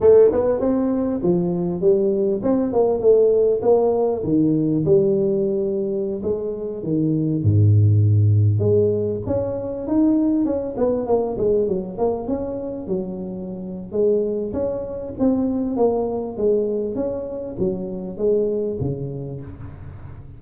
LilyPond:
\new Staff \with { instrumentName = "tuba" } { \time 4/4 \tempo 4 = 99 a8 b8 c'4 f4 g4 | c'8 ais8 a4 ais4 dis4 | g2~ g16 gis4 dis8.~ | dis16 gis,2 gis4 cis'8.~ |
cis'16 dis'4 cis'8 b8 ais8 gis8 fis8 ais16~ | ais16 cis'4 fis4.~ fis16 gis4 | cis'4 c'4 ais4 gis4 | cis'4 fis4 gis4 cis4 | }